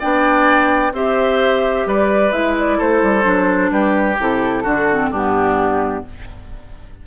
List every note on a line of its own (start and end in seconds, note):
0.00 0.92 B3
0.00 0.94 D4
0.00 0.93 D5
0.00 0.94 G5
0.92 1.85 C4
0.92 2.32 G4
0.92 1.88 C5
0.92 1.88 E5
1.86 2.32 G3
1.86 2.78 B4
1.86 2.32 D5
2.32 2.79 G#3
2.32 3.22 E4
2.32 2.56 E5
2.59 2.81 D5
2.78 3.03 A3
2.78 3.71 A4
2.78 3.71 C5
3.03 3.26 G3
3.22 3.71 F#3
3.22 4.15 D4
3.71 4.18 G3
3.71 4.63 G4
3.71 4.18 B4
4.20 4.66 C3
4.20 4.65 E4
4.20 5.13 A4
4.63 5.11 D3
4.63 4.88 D4
4.63 5.10 F#4
4.91 5.14 C4
5.11 6.04 G2
5.11 6.07 B3
5.11 6.04 D4
5.11 6.06 G4